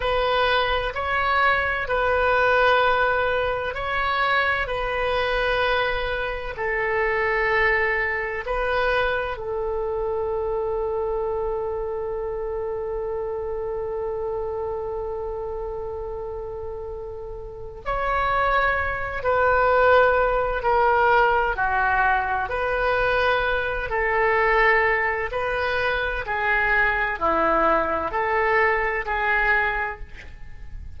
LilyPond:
\new Staff \with { instrumentName = "oboe" } { \time 4/4 \tempo 4 = 64 b'4 cis''4 b'2 | cis''4 b'2 a'4~ | a'4 b'4 a'2~ | a'1~ |
a'2. cis''4~ | cis''8 b'4. ais'4 fis'4 | b'4. a'4. b'4 | gis'4 e'4 a'4 gis'4 | }